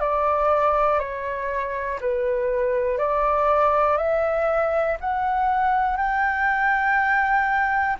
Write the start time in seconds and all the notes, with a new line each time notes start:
0.00 D5
0.99 C#5
2.00 B4
2.98 D5
3.97 E5
5.00 F#5
5.96 G5